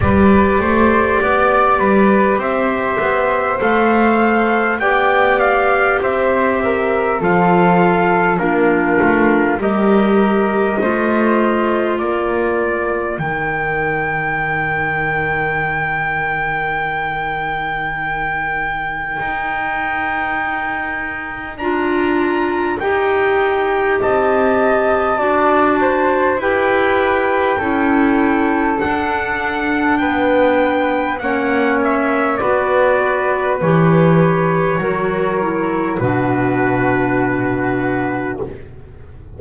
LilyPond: <<
  \new Staff \with { instrumentName = "trumpet" } { \time 4/4 \tempo 4 = 50 d''2 e''4 f''4 | g''8 f''8 e''4 f''4 ais'4 | dis''2 d''4 g''4~ | g''1~ |
g''2 ais''4 g''4 | a''2 g''2 | fis''4 g''4 fis''8 e''8 d''4 | cis''2 b'2 | }
  \new Staff \with { instrumentName = "flute" } { \time 4/4 b'8 c''8 d''8 b'8 c''2 | d''4 c''8 ais'8 a'4 f'4 | ais'4 c''4 ais'2~ | ais'1~ |
ais'1 | dis''4 d''8 c''8 b'4 a'4~ | a'4 b'4 cis''4 b'4~ | b'4 ais'4 fis'2 | }
  \new Staff \with { instrumentName = "clarinet" } { \time 4/4 g'2. a'4 | g'2 f'4 d'4 | g'4 f'2 dis'4~ | dis'1~ |
dis'2 f'4 g'4~ | g'4 fis'4 g'4 e'4 | d'2 cis'4 fis'4 | g'4 fis'8 e'8 d'2 | }
  \new Staff \with { instrumentName = "double bass" } { \time 4/4 g8 a8 b8 g8 c'8 b8 a4 | b4 c'4 f4 ais8 a8 | g4 a4 ais4 dis4~ | dis1 |
dis'2 d'4 dis'4 | c'4 d'4 e'4 cis'4 | d'4 b4 ais4 b4 | e4 fis4 b,2 | }
>>